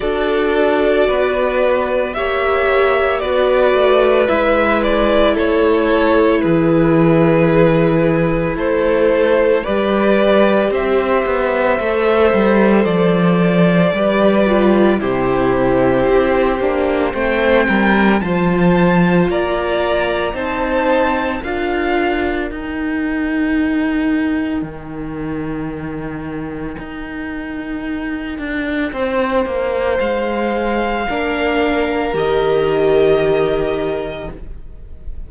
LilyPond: <<
  \new Staff \with { instrumentName = "violin" } { \time 4/4 \tempo 4 = 56 d''2 e''4 d''4 | e''8 d''8 cis''4 b'2 | c''4 d''4 e''2 | d''2 c''2 |
g''4 a''4 ais''4 a''4 | f''4 g''2.~ | g''1 | f''2 dis''2 | }
  \new Staff \with { instrumentName = "violin" } { \time 4/4 a'4 b'4 cis''4 b'4~ | b'4 a'4 gis'2 | a'4 b'4 c''2~ | c''4 b'4 g'2 |
c''8 ais'8 c''4 d''4 c''4 | ais'1~ | ais'2. c''4~ | c''4 ais'2. | }
  \new Staff \with { instrumentName = "viola" } { \time 4/4 fis'2 g'4 fis'4 | e'1~ | e'4 g'2 a'4~ | a'4 g'8 f'8 e'4. d'8 |
c'4 f'2 dis'4 | f'4 dis'2.~ | dis'1~ | dis'4 d'4 g'2 | }
  \new Staff \with { instrumentName = "cello" } { \time 4/4 d'4 b4 ais4 b8 a8 | gis4 a4 e2 | a4 g4 c'8 b8 a8 g8 | f4 g4 c4 c'8 ais8 |
a8 g8 f4 ais4 c'4 | d'4 dis'2 dis4~ | dis4 dis'4. d'8 c'8 ais8 | gis4 ais4 dis2 | }
>>